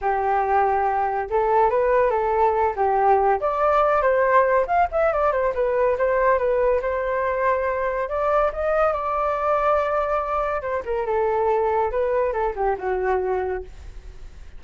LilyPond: \new Staff \with { instrumentName = "flute" } { \time 4/4 \tempo 4 = 141 g'2. a'4 | b'4 a'4. g'4. | d''4. c''4. f''8 e''8 | d''8 c''8 b'4 c''4 b'4 |
c''2. d''4 | dis''4 d''2.~ | d''4 c''8 ais'8 a'2 | b'4 a'8 g'8 fis'2 | }